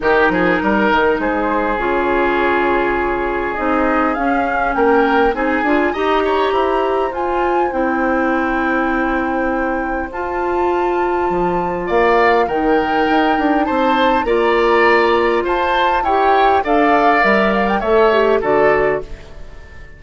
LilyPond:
<<
  \new Staff \with { instrumentName = "flute" } { \time 4/4 \tempo 4 = 101 ais'2 c''4 cis''4~ | cis''2 dis''4 f''4 | g''4 gis''4 ais''2 | gis''4 g''2.~ |
g''4 a''2. | f''4 g''2 a''4 | ais''2 a''4 g''4 | f''4 e''8 f''16 g''16 e''4 d''4 | }
  \new Staff \with { instrumentName = "oboe" } { \time 4/4 g'8 gis'8 ais'4 gis'2~ | gis'1 | ais'4 gis'4 dis''8 cis''8 c''4~ | c''1~ |
c''1 | d''4 ais'2 c''4 | d''2 c''4 cis''4 | d''2 cis''4 a'4 | }
  \new Staff \with { instrumentName = "clarinet" } { \time 4/4 dis'2. f'4~ | f'2 dis'4 cis'4~ | cis'4 dis'8 f'8 g'2 | f'4 e'2.~ |
e'4 f'2.~ | f'4 dis'2. | f'2. g'4 | a'4 ais'4 a'8 g'8 fis'4 | }
  \new Staff \with { instrumentName = "bassoon" } { \time 4/4 dis8 f8 g8 dis8 gis4 cis4~ | cis2 c'4 cis'4 | ais4 c'8 d'8 dis'4 e'4 | f'4 c'2.~ |
c'4 f'2 f4 | ais4 dis4 dis'8 d'8 c'4 | ais2 f'4 e'4 | d'4 g4 a4 d4 | }
>>